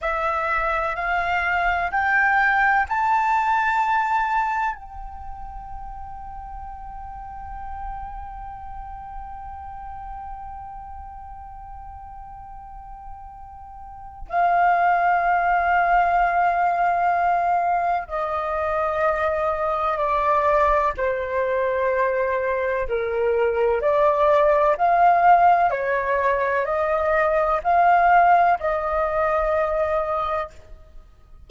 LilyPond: \new Staff \with { instrumentName = "flute" } { \time 4/4 \tempo 4 = 63 e''4 f''4 g''4 a''4~ | a''4 g''2.~ | g''1~ | g''2. f''4~ |
f''2. dis''4~ | dis''4 d''4 c''2 | ais'4 d''4 f''4 cis''4 | dis''4 f''4 dis''2 | }